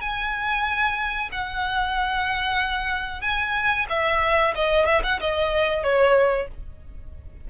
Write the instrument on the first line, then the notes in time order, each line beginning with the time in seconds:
violin
0.00 G#5
1.31 F#5
3.21 G#5
3.89 E5
4.55 D#5
4.85 E5
5.03 F#5
5.20 D#5
5.83 C#5